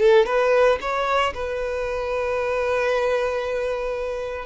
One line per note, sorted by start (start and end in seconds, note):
0.00 0.26 A4
0.26 0.79 B4
0.81 1.34 C#5
1.34 4.46 B4